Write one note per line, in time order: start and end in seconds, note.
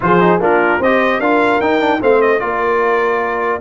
0.00 0.39 F3
0.00 0.19 F4
0.00 0.41 G#4
0.00 0.42 C5
0.19 0.39 D#4
0.39 0.79 A#3
0.39 0.80 D4
0.39 0.78 F4
0.39 0.82 A#4
0.78 1.19 C4
0.78 1.22 G4
0.78 1.19 C5
0.78 1.20 D#5
1.19 1.59 D4
1.19 1.61 F4
1.19 1.99 A#4
1.19 1.60 F5
1.60 2.01 D#4
1.60 1.80 D#4
1.60 2.01 G5
1.80 2.00 D4
2.00 2.41 A3
2.00 2.39 C4
2.00 2.40 C5
2.00 2.21 F5
2.21 2.39 D#5
2.39 3.60 A#3
2.39 3.60 F4
2.39 3.60 A#4
2.39 3.60 D5